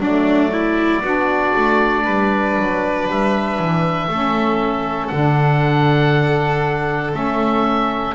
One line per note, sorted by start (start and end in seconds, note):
0.00 1.02 F#3
0.00 1.03 A3
0.00 0.51 D4
0.00 3.09 D5
0.52 1.03 E4
1.02 1.53 B3
1.02 4.08 D4
1.02 2.03 F#4
1.56 2.06 A3
2.03 2.57 G3
2.03 4.07 B4
2.59 3.08 F#3
3.08 3.59 G3
3.08 5.08 E5
3.59 4.08 E3
4.08 5.10 A3
4.08 5.13 C#4
4.08 8.15 A4
5.08 7.14 D3
5.08 7.12 D4
5.08 7.11 F#5
7.12 8.15 A3
7.12 8.14 C#4
7.12 8.15 E5